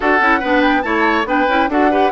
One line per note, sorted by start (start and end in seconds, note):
0.00 0.20 D4
0.00 0.21 F#4
0.00 0.39 A4
0.00 0.61 F#5
0.20 0.41 C#4
0.20 0.42 E4
0.39 0.83 B3
0.39 0.83 D4
0.39 0.81 B4
0.61 0.82 G5
0.82 1.25 A3
0.82 1.25 E4
0.82 1.27 C#5
0.82 1.24 A5
1.25 1.46 B3
1.25 1.47 D4
1.25 1.70 B4
1.25 1.70 G5
1.48 1.68 C#4
1.48 1.70 E4
1.68 2.10 D4
1.68 1.91 F#4
1.68 1.90 A4
1.68 2.12 F#5
1.90 2.12 G4
1.90 2.11 B4